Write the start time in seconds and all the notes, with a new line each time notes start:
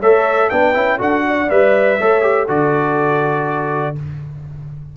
0.00 A3 A4 C#5 E5
0.50 B3 D4 B4 G5
0.74 C#4 E4
0.98 D4 F#4 A4 F#5
1.28 D5
1.50 G3 B4 E5
1.99 A3 A4 C#5
2.22 G4
2.47 D3 F#4 A4 D5